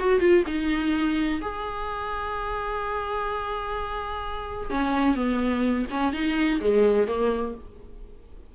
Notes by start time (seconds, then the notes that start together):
0.00 F#4
0.20 F4
0.47 D#4
1.42 G#4
4.71 C#4
5.16 B3
5.91 C#4
6.14 D#4
6.61 G#3
7.08 A#3